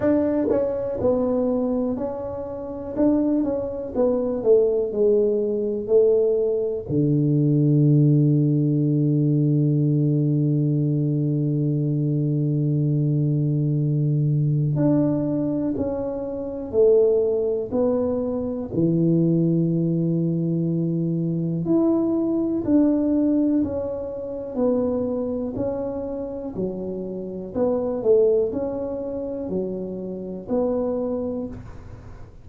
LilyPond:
\new Staff \with { instrumentName = "tuba" } { \time 4/4 \tempo 4 = 61 d'8 cis'8 b4 cis'4 d'8 cis'8 | b8 a8 gis4 a4 d4~ | d1~ | d2. d'4 |
cis'4 a4 b4 e4~ | e2 e'4 d'4 | cis'4 b4 cis'4 fis4 | b8 a8 cis'4 fis4 b4 | }